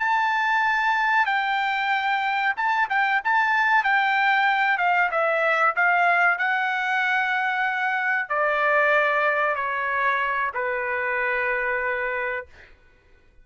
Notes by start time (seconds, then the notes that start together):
0.00 A5
1.26 G5
2.57 A5
2.90 G5
3.25 A5
3.84 G5
4.78 F5
5.12 E5
5.76 F5
6.39 F#5
8.30 D5
9.56 C#5
10.55 B4